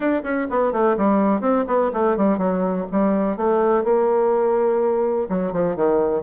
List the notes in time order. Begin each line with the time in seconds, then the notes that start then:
0.00 D4
0.23 C#4
0.50 B3
0.72 A3
0.97 G3
1.40 C4
1.67 B3
1.93 A3
2.16 G3
2.37 F#3
2.91 G3
3.36 A3
3.84 A#3
5.29 F#3
5.52 F3
5.76 D#3